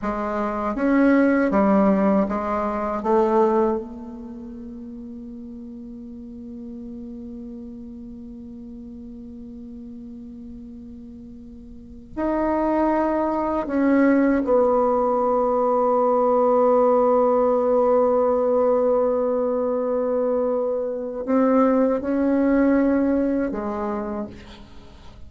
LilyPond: \new Staff \with { instrumentName = "bassoon" } { \time 4/4 \tempo 4 = 79 gis4 cis'4 g4 gis4 | a4 ais2.~ | ais1~ | ais1 |
dis'2 cis'4 b4~ | b1~ | b1 | c'4 cis'2 gis4 | }